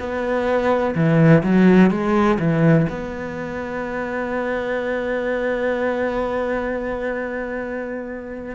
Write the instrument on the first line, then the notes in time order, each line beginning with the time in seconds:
cello
0.00 B3
0.95 E3
1.43 F#3
1.91 G#3
2.39 E3
2.90 B3